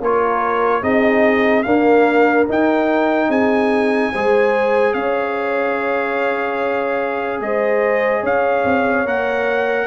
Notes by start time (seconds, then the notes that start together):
0.00 A#3 F4 A#4 C#5
0.81 C4 D#4 G#4 D#5
1.63 A#3 D4 A#4 F5
2.48 D#4 G5
3.29 C4 G#4 G#5
4.12 G#3 G#4 C5
4.93 C#4 C#5 F5
7.40 G#3 C5 D#5
8.22 C#4 C#5 F5
8.64 C4
9.05 A#3 A#4 F#5